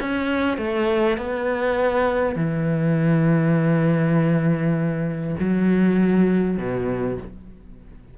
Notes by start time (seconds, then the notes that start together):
0.00 C#4
0.57 A3
1.17 B3
2.35 E3
5.39 F#3
6.57 B2